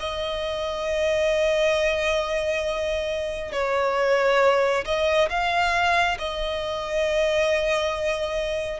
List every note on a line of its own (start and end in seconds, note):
0.00 3.52 D#5
3.52 4.84 C#5
4.85 5.29 D#5
5.29 6.18 F5
6.19 8.80 D#5